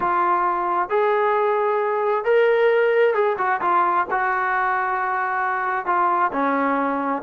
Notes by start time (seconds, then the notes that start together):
0.00 F4
0.89 G#4
2.24 A#4
3.14 G#4
3.38 F#4
3.61 F4
4.10 F#4
5.86 F4
6.32 C#4